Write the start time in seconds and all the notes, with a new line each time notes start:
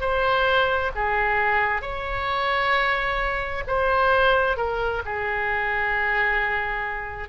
0.00 C5
0.95 G#4
1.82 C#5
3.67 C5
4.57 A#4
5.05 G#4